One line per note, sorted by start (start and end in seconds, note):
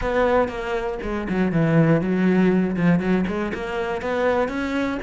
0.01 0.48 B3
0.48 0.98 A#3
1.02 1.27 G#3
1.29 1.52 F#3
1.52 2.01 E3
2.01 2.76 F#3
2.76 2.99 F3
2.99 3.24 F#3
3.27 3.52 G#3
3.54 4.01 A#3
4.01 4.48 B3
4.48 4.98 C#4